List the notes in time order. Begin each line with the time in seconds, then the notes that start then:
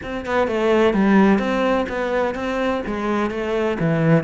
0.02 C4
0.25 B3
0.47 A3
0.93 G3
1.38 C4
1.88 B3
2.35 C4
2.86 G#3
3.30 A3
3.79 E3